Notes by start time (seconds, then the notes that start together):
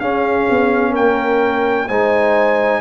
0.00 C#4 G#4 F5
0.50 B3
0.91 A#3 A#4 G5
1.88 G#3 D#4 C5 G#5